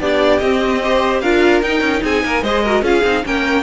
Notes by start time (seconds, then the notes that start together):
0.00 B3 D4 G4 D5
0.39 C4 D#5
0.83 G4 C5
1.21 D4 F4 A#4 F5
1.62 D#4 G5
1.81 C#4
2.04 C4 G#4 G#5
2.24 A#3 A#4
2.42 G#3 G#4 C5 D#5
2.64 F#4 A#4
2.82 C#4 F4 G#4 F5
3.04 C4 D#4
3.25 A#3 C#4 A#4 G5